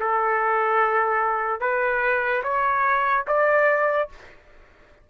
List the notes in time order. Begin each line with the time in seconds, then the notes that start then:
0.00 A4
1.61 B4
2.43 C#5
3.27 D5